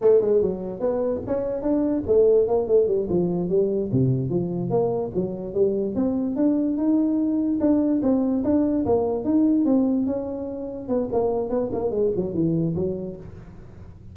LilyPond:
\new Staff \with { instrumentName = "tuba" } { \time 4/4 \tempo 4 = 146 a8 gis8 fis4 b4 cis'4 | d'4 a4 ais8 a8 g8 f8~ | f8 g4 c4 f4 ais8~ | ais8 fis4 g4 c'4 d'8~ |
d'8 dis'2 d'4 c'8~ | c'8 d'4 ais4 dis'4 c'8~ | c'8 cis'2 b8 ais4 | b8 ais8 gis8 fis8 e4 fis4 | }